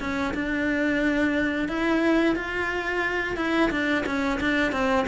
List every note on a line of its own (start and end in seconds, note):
0.00 0.34 C#4
0.34 1.68 D4
1.68 2.35 E4
2.35 3.36 F4
3.36 3.70 E4
3.71 4.04 D4
4.06 4.40 C#4
4.40 4.72 D4
4.72 5.06 C4